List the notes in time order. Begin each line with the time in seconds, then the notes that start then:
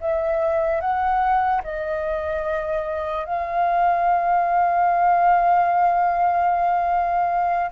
0.00 E5
0.80 F#5
1.64 D#5
3.25 F5